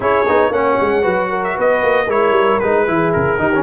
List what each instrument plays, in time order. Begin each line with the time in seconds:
0.00 tuba C#4, trombone E4, horn G#4, trumpet C#5
0.28 tuba B3, trombone D#4
0.50 tuba A#3, trombone C#4, horn C#5, trumpet F#5
0.80 tuba G#3
1.01 tuba F#3, trombone F#4, horn B4
1.29 horn A#4
1.44 trumpet E5
1.55 tuba B3, horn B4, trumpet D#5
1.82 tuba A#3
2.05 tuba G#3, trombone E4, horn A#4, trumpet C#5
2.30 tuba G3
2.59 tuba G#3, trombone D#4, trumpet B4
2.87 tuba E3, trombone E4, horn G#4
3.12 tuba C#3, trumpet A#4
3.38 tuba D#3, trombone D#4, horn G4
3.54 trombone C#4